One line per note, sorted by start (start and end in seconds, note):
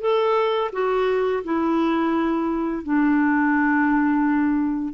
0.00 0.71 A4
0.72 1.43 F#4
1.44 2.83 E4
2.83 4.93 D4